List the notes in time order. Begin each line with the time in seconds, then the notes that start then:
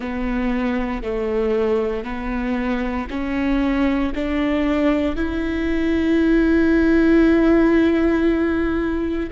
0.00 B3
1.03 A3
2.04 B3
3.09 C#4
4.14 D4
5.16 E4